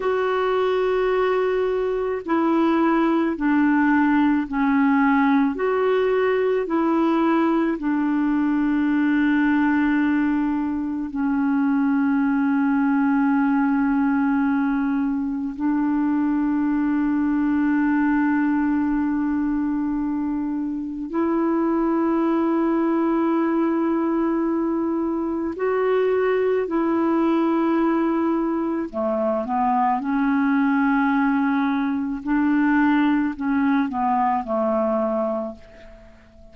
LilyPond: \new Staff \with { instrumentName = "clarinet" } { \time 4/4 \tempo 4 = 54 fis'2 e'4 d'4 | cis'4 fis'4 e'4 d'4~ | d'2 cis'2~ | cis'2 d'2~ |
d'2. e'4~ | e'2. fis'4 | e'2 a8 b8 cis'4~ | cis'4 d'4 cis'8 b8 a4 | }